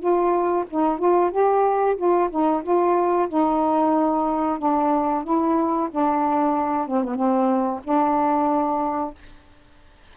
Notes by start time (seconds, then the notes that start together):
0.00 F4
0.71 D#4
0.99 F4
1.32 G4
1.97 F4
2.31 D#4
2.64 F4
3.29 D#4
4.59 D4
5.24 E4
5.91 D4
6.88 C4
7.04 B3
7.16 C4
7.84 D4